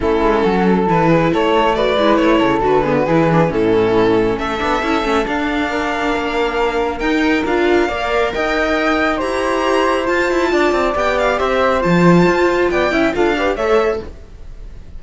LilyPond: <<
  \new Staff \with { instrumentName = "violin" } { \time 4/4 \tempo 4 = 137 a'2 b'4 cis''4 | d''4 cis''4 b'2 | a'2 e''2 | f''1 |
g''4 f''2 g''4~ | g''4 ais''2 a''4~ | a''4 g''8 f''8 e''4 a''4~ | a''4 g''4 f''4 e''4 | }
  \new Staff \with { instrumentName = "flute" } { \time 4/4 e'4 fis'8 a'4 gis'8 a'4 | b'4. a'4 gis'16 fis'16 gis'4 | e'2 a'2~ | a'4 ais'2.~ |
ais'2 d''4 dis''4~ | dis''4 c''2. | d''2 c''2~ | c''4 d''8 e''8 a'8 b'8 cis''4 | }
  \new Staff \with { instrumentName = "viola" } { \time 4/4 cis'2 e'2 | fis'8 e'4. fis'8 b8 e'8 d'8 | cis'2~ cis'8 d'8 e'8 cis'8 | d'1 |
dis'4 f'4 ais'2~ | ais'4 g'2 f'4~ | f'4 g'2 f'4~ | f'4. e'8 f'8 g'8 a'4 | }
  \new Staff \with { instrumentName = "cello" } { \time 4/4 a8 gis8 fis4 e4 a4~ | a8 gis8 a8 cis8 d4 e4 | a,2 a8 b8 cis'8 a8 | d'2 ais2 |
dis'4 d'4 ais4 dis'4~ | dis'4 e'2 f'8 e'8 | d'8 c'8 b4 c'4 f4 | f'4 b8 cis'8 d'4 a4 | }
>>